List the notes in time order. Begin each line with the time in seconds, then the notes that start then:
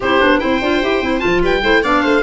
0.00 C4 E4 G4 C5
0.20 B3 D4
0.39 C4 E4 C5 G5
0.61 D4 F4
0.82 E4 G4
1.01 C4 E4
1.19 F3 F4 A5
1.42 G3 B4 G5
1.62 A3 E4 C5
1.82 B3 D4 D5 F5
2.02 A3 C5